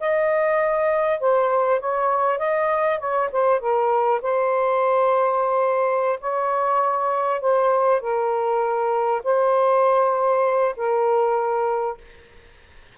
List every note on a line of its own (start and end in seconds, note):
0.00 1.20 D#5
1.20 1.80 C5
1.80 2.38 C#5
2.38 2.99 D#5
2.99 3.29 C#5
3.32 3.60 C5
3.60 4.20 A#4
4.22 6.19 C5
6.20 7.41 C#5
7.41 8.01 C5
8.01 9.22 A#4
9.23 10.75 C5
10.76 11.97 A#4